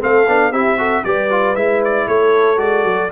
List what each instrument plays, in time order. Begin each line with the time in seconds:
0.00 tuba A3, trombone C4, horn A4, trumpet F5
0.27 tuba B3, trombone D4
0.51 tuba C4, trombone E4, horn G4, trumpet E5
0.77 trombone F#4, horn A4
1.04 tuba G3, trombone G4, horn B4, trumpet D5
1.30 trombone F4
1.55 tuba G#3, trombone E4, trumpet E5
1.84 trumpet D5
2.07 tuba A3, horn A4, trumpet C#5
2.57 tuba G#3, trombone F#4, trumpet D5
2.84 tuba F#3